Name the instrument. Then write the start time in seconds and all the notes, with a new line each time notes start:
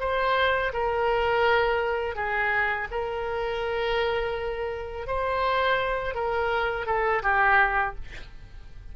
oboe
0.00 C5
0.73 A#4
2.16 G#4
2.91 A#4
5.07 C5
6.15 A#4
6.86 A4
7.23 G4